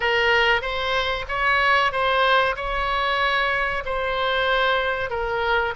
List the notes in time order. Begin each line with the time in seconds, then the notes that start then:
0.00 A#4
0.61 C5
1.28 C#5
1.91 C5
2.56 C#5
3.85 C5
5.09 A#4